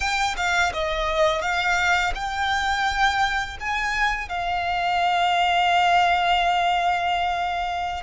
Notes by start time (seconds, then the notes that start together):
0.00 G5
0.36 F5
0.73 D#5
1.41 F5
2.14 G5
3.60 G#5
4.29 F5